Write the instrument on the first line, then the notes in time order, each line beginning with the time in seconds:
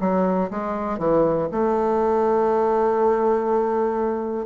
bassoon
0.00 F#3
0.50 G#3
0.99 E3
1.52 A3